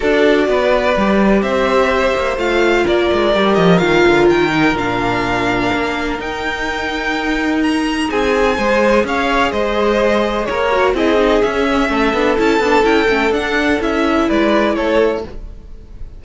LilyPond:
<<
  \new Staff \with { instrumentName = "violin" } { \time 4/4 \tempo 4 = 126 d''2. e''4~ | e''4 f''4 d''4. dis''8 | f''4 g''4 f''2~ | f''4 g''2. |
ais''4 gis''2 f''4 | dis''2 cis''4 dis''4 | e''2 a''4 g''4 | fis''4 e''4 d''4 cis''4 | }
  \new Staff \with { instrumentName = "violin" } { \time 4/4 a'4 b'2 c''4~ | c''2 ais'2~ | ais'1~ | ais'1~ |
ais'4 gis'4 c''4 cis''4 | c''2 ais'4 gis'4~ | gis'4 a'2.~ | a'2 b'4 a'4 | }
  \new Staff \with { instrumentName = "viola" } { \time 4/4 fis'2 g'2~ | g'4 f'2 g'4 | f'4. dis'8 d'2~ | d'4 dis'2.~ |
dis'2 gis'2~ | gis'2~ gis'8 fis'8 e'8 dis'8 | cis'4. d'8 e'8 d'8 e'8 cis'8 | d'4 e'2. | }
  \new Staff \with { instrumentName = "cello" } { \time 4/4 d'4 b4 g4 c'4~ | c'8 ais8 a4 ais8 gis8 g8 f8 | dis8 d8 dis4 ais,2 | ais4 dis'2.~ |
dis'4 c'4 gis4 cis'4 | gis2 ais4 c'4 | cis'4 a8 b8 cis'8 b8 cis'8 a8 | d'4 cis'4 gis4 a4 | }
>>